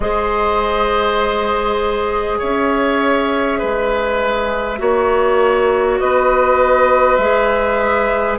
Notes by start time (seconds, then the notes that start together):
0.00 G#3 G#4 C5 D#5
2.39 C#4 C#5 E5
3.58 G#3 B4
4.78 A#3 F#4 C#5
5.99 B3 B4 D#5
7.16 G#3 G#4 E5